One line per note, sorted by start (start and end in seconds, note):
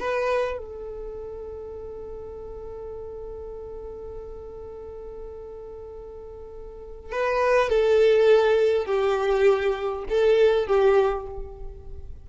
0.00 0.58 B4
0.58 7.12 A4
7.12 7.70 B4
7.70 8.86 A4
8.86 10.04 G4
10.09 10.67 A4
10.67 11.27 G4